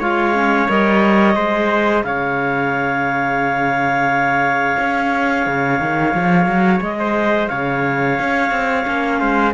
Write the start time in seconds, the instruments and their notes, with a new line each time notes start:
0.00 cello G#3, clarinet F4 F5, trumpet C#5
0.34 clarinet C#4
0.69 cello G3, clarinet A#4 D#5
1.35 cello G#3, clarinet G#4, trumpet C5
2.03 cello C#3, trumpet C#5, clarinet F5
4.79 cello C#4
5.47 cello C#3
5.80 cello D#3
6.14 cello F3
6.46 cello F#3
6.81 cello G#3, clarinet D#5
6.99 trumpet C5
7.48 cello C#3, trumpet C#5, clarinet F5
8.20 cello C#4
8.51 cello C4
8.85 cello A#3, clarinet C#4
9.20 cello G#3, trumpet C5